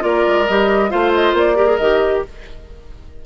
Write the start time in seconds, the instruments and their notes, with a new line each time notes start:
0.00 bassoon A#3, clarinet F4, oboe A#4, flute D5
0.26 bassoon G#3
0.47 bassoon G3, clarinet G4, flute D#5
0.90 bassoon A3, clarinet F4, oboe C5, flute F5
1.14 flute D#5
1.33 bassoon A#3, flute D5
1.55 clarinet G4, oboe A#4
1.67 clarinet G#4
1.77 bassoon D#3, clarinet G4, flute D#5